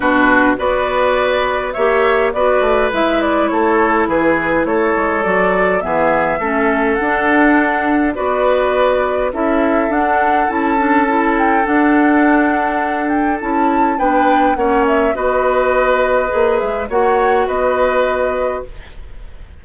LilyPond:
<<
  \new Staff \with { instrumentName = "flute" } { \time 4/4 \tempo 4 = 103 b'4 d''2 e''4 | d''4 e''8 d''8 cis''4 b'4 | cis''4 d''4 e''2 | fis''2 d''2 |
e''4 fis''4 a''4. g''8 | fis''2~ fis''8 g''8 a''4 | g''4 fis''8 e''8 dis''2~ | dis''8 e''8 fis''4 dis''2 | }
  \new Staff \with { instrumentName = "oboe" } { \time 4/4 fis'4 b'2 cis''4 | b'2 a'4 gis'4 | a'2 gis'4 a'4~ | a'2 b'2 |
a'1~ | a'1 | b'4 cis''4 b'2~ | b'4 cis''4 b'2 | }
  \new Staff \with { instrumentName = "clarinet" } { \time 4/4 d'4 fis'2 g'4 | fis'4 e'2.~ | e'4 fis'4 b4 cis'4 | d'2 fis'2 |
e'4 d'4 e'8 d'8 e'4 | d'2. e'4 | d'4 cis'4 fis'2 | gis'4 fis'2. | }
  \new Staff \with { instrumentName = "bassoon" } { \time 4/4 b,4 b2 ais4 | b8 a8 gis4 a4 e4 | a8 gis8 fis4 e4 a4 | d'2 b2 |
cis'4 d'4 cis'2 | d'2. cis'4 | b4 ais4 b2 | ais8 gis8 ais4 b2 | }
>>